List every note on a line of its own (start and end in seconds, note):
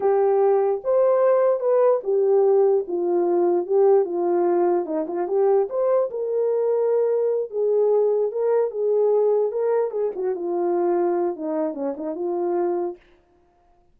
0.00 0.81 G4
0.84 1.60 C5
1.60 2.00 B4
2.03 2.85 G4
2.87 3.66 F4
3.66 4.04 G4
4.04 4.85 F4
4.85 5.06 D#4
5.07 5.27 F4
5.27 5.68 G4
5.69 6.10 C5
6.10 7.50 A#4
7.50 8.31 G#4
8.31 8.71 A#4
8.71 9.51 G#4
9.51 9.90 A#4
9.90 10.11 G#4
10.15 10.35 F#4
10.35 11.36 F4
11.36 11.74 D#4
11.74 11.94 C#4
11.96 12.15 D#4
12.15 12.96 F4